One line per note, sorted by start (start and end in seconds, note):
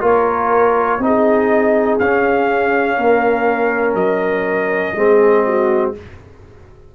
0.00 0.99 A#3
0.00 0.98 F4
0.00 0.99 A#4
0.00 1.03 C#5
0.99 1.97 C4
0.99 2.00 D#4
0.99 1.99 D#5
1.05 2.98 G#4
1.99 2.97 C#4
1.99 4.96 C#4
1.99 3.95 F5
2.97 3.94 A#3
2.97 4.94 A#4
3.94 4.92 F#3
3.94 5.92 D#5
4.95 5.93 G#3
4.95 5.94 C4
4.95 5.46 G#4
5.46 5.95 F#4